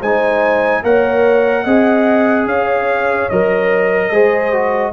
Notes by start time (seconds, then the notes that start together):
0.00 G#3 D#4 C5 G#5
0.84 A#3 A#4 C#5 F#5
1.64 C4 G#4 D#5
2.46 C#4 C#5 F5
3.29 F#3 A#4 D#5
4.11 G#3 G#4 C5
4.54 F#4